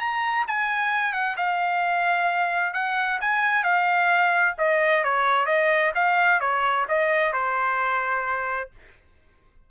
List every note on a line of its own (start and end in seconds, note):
0.00 0.46 A#5
0.48 1.13 G#5
1.13 1.36 F#5
1.37 2.74 F5
2.74 3.20 F#5
3.21 3.64 G#5
3.64 4.56 F5
4.58 5.04 D#5
5.04 5.46 C#5
5.46 5.92 D#5
5.95 6.41 F5
6.41 6.87 C#5
6.89 7.33 D#5
7.33 8.71 C5